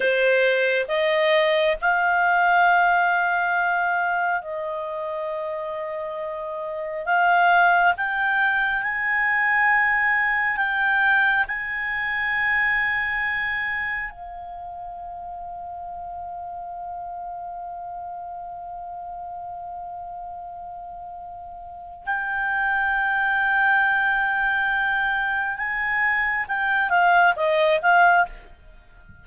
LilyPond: \new Staff \with { instrumentName = "clarinet" } { \time 4/4 \tempo 4 = 68 c''4 dis''4 f''2~ | f''4 dis''2. | f''4 g''4 gis''2 | g''4 gis''2. |
f''1~ | f''1~ | f''4 g''2.~ | g''4 gis''4 g''8 f''8 dis''8 f''8 | }